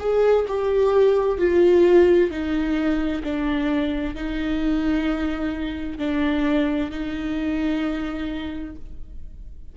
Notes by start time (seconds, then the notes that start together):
0.00 G#4
0.48 G4
1.38 F4
2.31 D#4
3.24 D4
4.15 D#4
5.99 D4
6.91 D#4